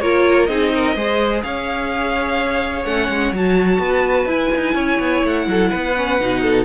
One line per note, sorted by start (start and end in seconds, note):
0.00 0.49 A#3
0.00 0.49 F4
0.00 0.50 A#4
0.00 0.46 C#5
0.46 0.96 C4
0.46 0.96 D#4
0.46 0.73 G#4
0.46 1.41 D#5
0.75 0.96 A#4
0.96 1.43 G#3
0.96 2.86 G#4
0.96 1.44 C5
1.43 2.85 C#4
1.43 3.82 C#5
1.43 2.86 F5
2.85 3.09 A3
2.85 3.34 C#4
2.85 3.33 F#5
3.09 3.33 G#3
3.33 3.79 F#3
3.33 4.28 F#4
3.33 4.30 A5
3.79 4.26 B3
3.79 4.75 B4
4.26 4.50 E4
4.26 5.95 E4
4.26 5.26 G#5
4.56 4.75 D#4
4.75 4.98 C#4
4.75 5.47 C#5
4.99 5.23 B3
5.24 5.47 A3
5.24 6.65 F#5
5.47 5.71 F#3
5.47 5.70 A4
5.70 6.21 B3
5.70 6.42 B4
5.97 6.21 C#4
6.21 6.65 B2
6.21 6.65 D#4
6.42 6.65 A4